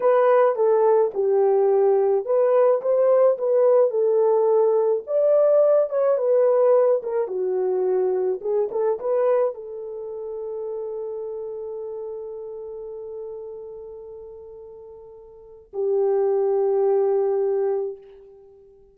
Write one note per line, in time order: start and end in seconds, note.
0.00 0.55 B4
0.55 1.11 A4
1.13 2.25 G4
2.25 2.81 B4
2.81 3.37 C5
3.37 3.90 B4
3.90 5.02 A4
5.06 5.89 D5
5.89 6.17 C#5
6.17 7.01 B4
7.02 7.27 A#4
7.27 8.40 F#4
8.41 8.69 G#4
8.71 8.99 A4
8.99 9.54 B4
9.54 15.71 A4
15.73 17.97 G4